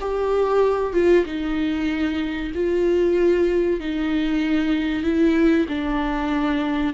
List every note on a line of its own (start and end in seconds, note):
0.00 0.93 G4
0.93 1.25 F4
1.25 2.52 D#4
2.54 3.80 F4
3.80 5.03 D#4
5.03 5.66 E4
5.68 6.93 D4